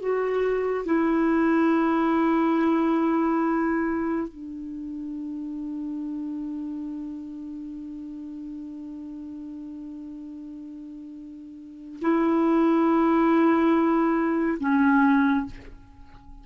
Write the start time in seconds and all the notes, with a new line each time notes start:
0.00 F#4
0.86 E4
4.29 D4
12.02 E4
14.61 C#4